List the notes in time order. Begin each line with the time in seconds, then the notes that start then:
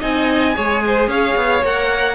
0.00 C4 D#4 D#5 G#5
0.54 G#3 G#4 C#5
0.85 C5
1.07 C#4 C#5 F5
1.35 B3
1.63 A#3 A#4 F#5